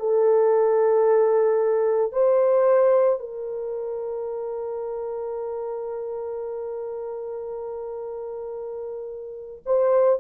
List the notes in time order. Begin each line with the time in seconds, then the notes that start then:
0.00 A4
2.12 C5
3.20 A#4
9.66 C5